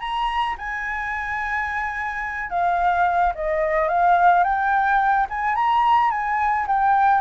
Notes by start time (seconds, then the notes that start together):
0.00 A#5
0.58 G#5
2.50 F5
3.35 D#5
3.89 F5
4.43 G5
5.30 G#5
5.55 A#5
6.11 G#5
6.67 G5